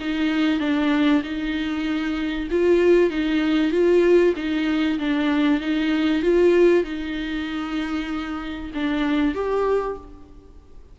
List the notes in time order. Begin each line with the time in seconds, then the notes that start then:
0.00 D#4
0.60 D4
1.23 D#4
2.51 F4
3.10 D#4
3.71 F4
4.36 D#4
4.99 D4
5.61 D#4
6.22 F4
6.84 D#4
8.74 D4
9.35 G4